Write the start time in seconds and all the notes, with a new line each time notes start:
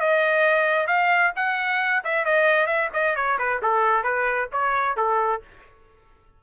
0.00 D#5
0.87 F5
1.36 F#5
2.04 E5
2.25 D#5
2.67 E5
2.93 D#5
3.16 C#5
3.39 B4
3.62 A4
4.04 B4
4.52 C#5
4.97 A4